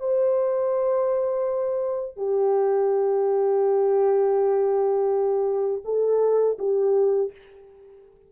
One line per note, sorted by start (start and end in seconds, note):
0.00 2.17 C5
2.17 5.83 G4
5.85 6.58 A4
6.59 7.32 G4